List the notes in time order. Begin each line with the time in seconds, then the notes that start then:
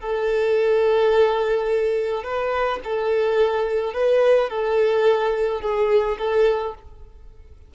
0.00 A4
2.23 B4
2.84 A4
3.93 B4
4.49 A4
5.61 G#4
6.18 A4